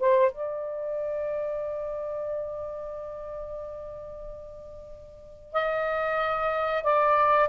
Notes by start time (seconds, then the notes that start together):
0.00 C5
0.32 D5
5.53 D#5
6.84 D5